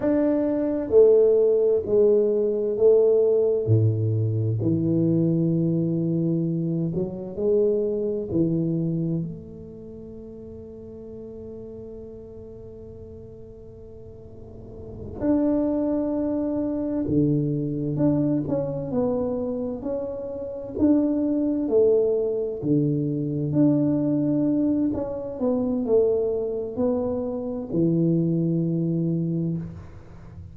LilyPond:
\new Staff \with { instrumentName = "tuba" } { \time 4/4 \tempo 4 = 65 d'4 a4 gis4 a4 | a,4 e2~ e8 fis8 | gis4 e4 a2~ | a1~ |
a8 d'2 d4 d'8 | cis'8 b4 cis'4 d'4 a8~ | a8 d4 d'4. cis'8 b8 | a4 b4 e2 | }